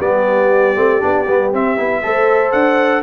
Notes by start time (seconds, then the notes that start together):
0.00 G3 B3 G4 D5
0.76 A3 C4
1.01 B3 D4
1.28 G3 B3
1.53 C4 E5
1.78 B3 E4
2.03 A3 A4 C5
2.52 D4 F#5